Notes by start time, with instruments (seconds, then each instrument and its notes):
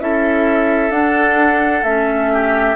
0.00 bassoon C#4, clarinet E4, oboe A4, flute E5
0.90 bassoon D4, clarinet D4, flute F#5
1.83 bassoon A3, clarinet C#4, flute E5
2.33 oboe G4